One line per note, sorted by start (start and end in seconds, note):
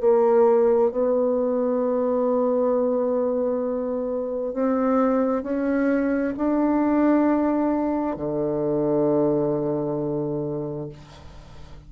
0.00 0.90 A#3
0.90 4.53 B3
4.53 5.43 C4
5.43 6.33 C#4
6.37 8.16 D4
8.16 10.88 D3